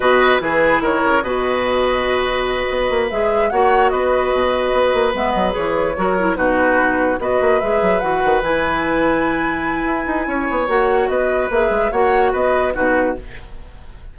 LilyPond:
<<
  \new Staff \with { instrumentName = "flute" } { \time 4/4 \tempo 4 = 146 dis''4 b'4 cis''4 dis''4~ | dis''2.~ dis''8 e''8~ | e''8 fis''4 dis''2~ dis''8~ | dis''8 e''8 dis''8 cis''2 b'8~ |
b'4. dis''4 e''4 fis''8~ | fis''8 gis''2.~ gis''8~ | gis''2 fis''4 dis''4 | e''4 fis''4 dis''4 b'4 | }
  \new Staff \with { instrumentName = "oboe" } { \time 4/4 b'4 gis'4 ais'4 b'4~ | b'1~ | b'8 cis''4 b'2~ b'8~ | b'2~ b'8 ais'4 fis'8~ |
fis'4. b'2~ b'8~ | b'1~ | b'4 cis''2 b'4~ | b'4 cis''4 b'4 fis'4 | }
  \new Staff \with { instrumentName = "clarinet" } { \time 4/4 fis'4 e'2 fis'4~ | fis'2.~ fis'8 gis'8~ | gis'8 fis'2.~ fis'8~ | fis'8 b4 gis'4 fis'8 e'8 dis'8~ |
dis'4. fis'4 gis'4 fis'8~ | fis'8 e'2.~ e'8~ | e'2 fis'2 | gis'4 fis'2 dis'4 | }
  \new Staff \with { instrumentName = "bassoon" } { \time 4/4 b,4 e4 dis8 cis8 b,4~ | b,2~ b,8 b8 ais8 gis8~ | gis8 ais4 b4 b,4 b8 | ais8 gis8 fis8 e4 fis4 b,8~ |
b,4. b8 ais8 gis8 fis8 e8 | dis8 e2.~ e8 | e'8 dis'8 cis'8 b8 ais4 b4 | ais8 gis8 ais4 b4 b,4 | }
>>